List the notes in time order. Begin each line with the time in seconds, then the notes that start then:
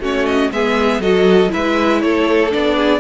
0.00 A3 C#4 F#4 C#5
0.26 D#5
0.51 G#3 B3 G#4 E5
0.99 F#3 F#4 A4 D#5
1.48 E4 B4 E5
1.56 G#3
2.01 A3 A4 C#5
2.50 B3 D4 D5
2.76 G#4